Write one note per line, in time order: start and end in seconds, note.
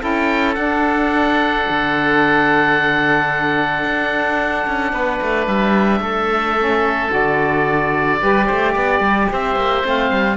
0.00 0.57 C#4
0.00 0.55 E4
0.00 4.92 A4
0.00 0.55 G5
0.55 6.56 D4
0.55 1.66 D4
0.55 5.46 F#5
1.70 3.84 D3
3.84 4.66 D4
4.67 4.93 C#4
4.93 5.20 B3
4.93 6.01 B4
5.22 5.47 A3
5.47 6.00 G3
5.47 7.11 E5
6.00 7.09 A3
6.00 8.20 A4
6.58 7.09 C#4
7.09 8.22 D3
7.09 8.18 F#4
7.09 9.32 D5
8.20 8.50 G3
8.20 9.83 G4
8.20 8.46 B4
8.46 8.76 A3
8.46 8.72 C5
8.72 9.00 B3
8.72 9.27 D5
9.00 9.28 G3
9.32 9.56 C4
9.32 10.37 C5
9.32 9.87 E5
9.56 9.83 A#3
9.83 10.11 A3
9.83 10.37 C4
9.83 10.37 F5
10.11 10.37 G3